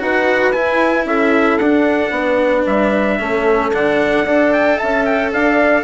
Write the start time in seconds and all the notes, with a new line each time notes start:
0.00 D#4 F#4 B4 F#5
0.52 E4 G#5
1.06 C#4 A4 E5
1.58 D4 F#5
2.11 B3 B4
2.66 G3 E5
3.19 A3 C#4 A4
3.73 D3 D4 F#5
4.25 D4 A4 D5
4.53 G5
4.78 C#4 E5 A5
5.06 G5
5.32 D4 D5 F5